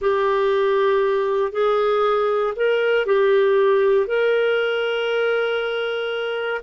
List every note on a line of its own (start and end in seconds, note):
0.01 1.52 G4
1.52 2.53 G#4
2.56 3.06 A#4
3.06 4.07 G4
4.07 6.61 A#4